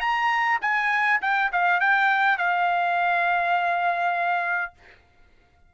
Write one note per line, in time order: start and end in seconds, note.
0.00 0.59 A#5
0.61 1.20 G#5
1.21 1.51 G5
1.52 1.80 F5
1.80 2.37 G5
2.37 4.73 F5